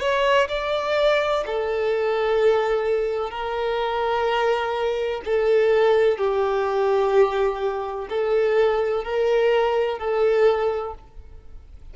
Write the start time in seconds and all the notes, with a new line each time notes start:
0.00 C#5
0.48 D5
1.46 A4
3.30 A#4
5.25 A4
6.18 G4
8.09 A4
9.04 A#4
9.99 A4